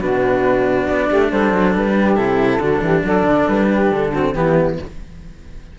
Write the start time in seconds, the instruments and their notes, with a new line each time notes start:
0.00 cello B2 D4, saxophone F#4, flute B4
0.87 cello B3, flute D5
1.09 cello A3, saxophone G4
1.30 cello G3, saxophone A4, flute C5
1.53 cello F#3
1.75 cello G3, flute B4
1.99 saxophone G4
2.16 cello C3 E4, flute A4
2.59 cello D3 D4, saxophone F#4
2.82 cello E3, saxophone G4
3.05 cello F#3, saxophone A4, flute D5
3.23 cello D3
3.48 cello G3, flute B4
3.72 saxophone G4
3.91 cello D3, flute A4
4.12 cello C4, saxophone F#4
4.34 cello E3 B3, saxophone E4, flute G4